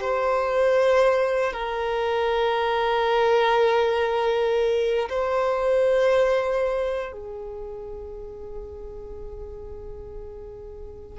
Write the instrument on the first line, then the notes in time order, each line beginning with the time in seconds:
violin
0.00 C5
1.53 A#4
5.09 C5
7.12 G#4